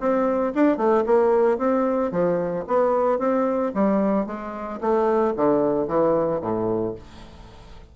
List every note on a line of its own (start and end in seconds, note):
0.00 0.54 C4
0.55 0.78 D4
0.78 1.04 A3
1.06 1.58 A#3
1.58 2.12 C4
2.12 2.65 F3
2.68 3.19 B3
3.19 3.73 C4
3.75 4.27 G3
4.27 4.80 G#3
4.81 5.34 A3
5.36 5.88 D3
5.88 6.41 E3
6.42 6.95 A2